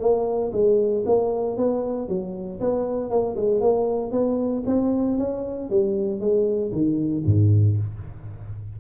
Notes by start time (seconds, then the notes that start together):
0.00 A#3
0.53 G#3
1.06 A#3
1.57 B3
2.09 F#3
2.60 B3
3.10 A#3
3.36 G#3
3.61 A#3
4.12 B3
4.66 C4
5.18 C#4
5.70 G3
6.20 G#3
6.72 D#3
7.26 G#2